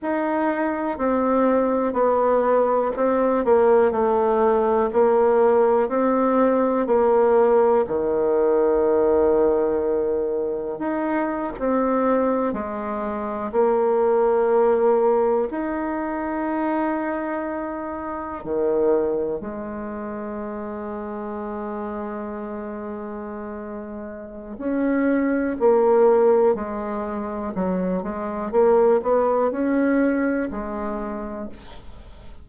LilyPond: \new Staff \with { instrumentName = "bassoon" } { \time 4/4 \tempo 4 = 61 dis'4 c'4 b4 c'8 ais8 | a4 ais4 c'4 ais4 | dis2. dis'8. c'16~ | c'8. gis4 ais2 dis'16~ |
dis'2~ dis'8. dis4 gis16~ | gis1~ | gis4 cis'4 ais4 gis4 | fis8 gis8 ais8 b8 cis'4 gis4 | }